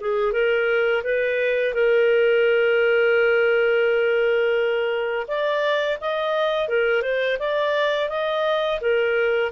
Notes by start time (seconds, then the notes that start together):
0.00 G#4
0.32 A#4
1.03 B4
1.74 A#4
5.27 D5
6.01 D#5
6.68 A#4
7.02 C5
7.39 D5
8.09 D#5
8.81 A#4